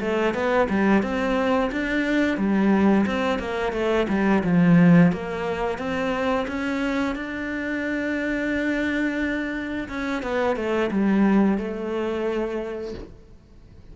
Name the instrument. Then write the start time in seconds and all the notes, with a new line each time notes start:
cello
0.00 A3
0.34 B3
0.69 G3
1.02 C4
1.71 D4
2.37 G3
3.06 C4
3.39 A#3
3.73 A3
4.08 G3
4.43 F3
5.12 A#3
5.78 C4
6.47 C#4
7.15 D4
9.88 C#4
10.22 B3
10.56 A3
10.91 G3
11.58 A3